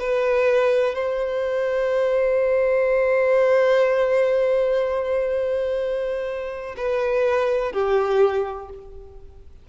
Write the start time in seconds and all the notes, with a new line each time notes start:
0.00 B4
0.95 C5
6.77 B4
7.73 G4